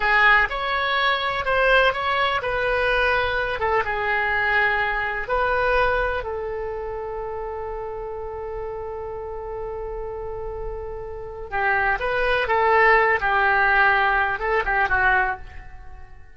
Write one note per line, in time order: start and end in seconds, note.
0.00 0.48 G#4
0.49 1.45 C#5
1.45 1.93 C5
1.93 2.41 C#5
2.42 3.59 B4
3.59 3.83 A4
3.84 5.28 G#4
5.28 6.23 B4
6.23 11.50 A4
11.50 11.98 G4
11.99 12.47 B4
12.47 13.19 A4
13.20 14.39 G4
14.39 14.63 A4
14.65 14.88 G4
14.88 15.36 F#4